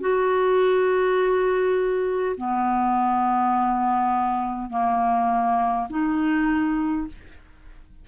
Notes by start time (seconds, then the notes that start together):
0.00 F#4
2.36 B3
4.70 A#3
5.89 D#4